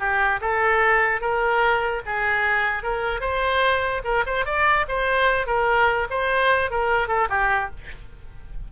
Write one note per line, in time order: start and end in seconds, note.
0.00 0.41 G4
0.42 1.21 A4
1.21 2.03 A#4
2.06 2.84 G#4
2.84 3.21 A#4
3.21 4.02 C5
4.04 4.25 A#4
4.27 4.46 C5
4.46 4.86 D5
4.89 5.47 C5
5.47 6.08 A#4
6.11 6.71 C5
6.71 7.08 A#4
7.08 7.29 A4
7.30 7.71 G4